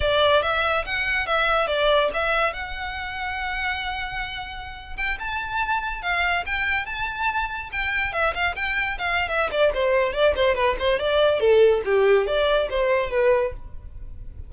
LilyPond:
\new Staff \with { instrumentName = "violin" } { \time 4/4 \tempo 4 = 142 d''4 e''4 fis''4 e''4 | d''4 e''4 fis''2~ | fis''2.~ fis''8. g''16~ | g''16 a''2 f''4 g''8.~ |
g''16 a''2 g''4 e''8 f''16~ | f''16 g''4 f''8. e''8 d''8 c''4 | d''8 c''8 b'8 c''8 d''4 a'4 | g'4 d''4 c''4 b'4 | }